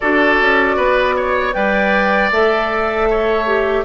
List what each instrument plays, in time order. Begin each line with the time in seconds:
0.00 bassoon D4, clarinet F#4, oboe A4, flute D5
0.40 bassoon C#4
0.76 bassoon B3, oboe B4
1.16 oboe C#5
1.53 bassoon G3, clarinet B4, oboe D5, flute G5
2.31 bassoon A3, clarinet A4, flute E5
3.10 oboe C#5
3.46 clarinet G4